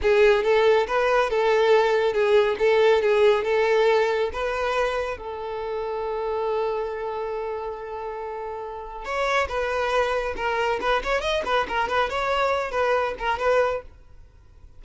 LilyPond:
\new Staff \with { instrumentName = "violin" } { \time 4/4 \tempo 4 = 139 gis'4 a'4 b'4 a'4~ | a'4 gis'4 a'4 gis'4 | a'2 b'2 | a'1~ |
a'1~ | a'4 cis''4 b'2 | ais'4 b'8 cis''8 dis''8 b'8 ais'8 b'8 | cis''4. b'4 ais'8 b'4 | }